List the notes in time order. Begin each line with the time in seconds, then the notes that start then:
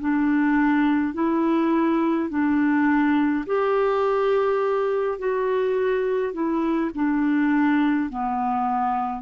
0.00 D4
1.14 E4
2.30 D4
3.47 G4
5.19 F#4
6.33 E4
6.95 D4
8.10 B3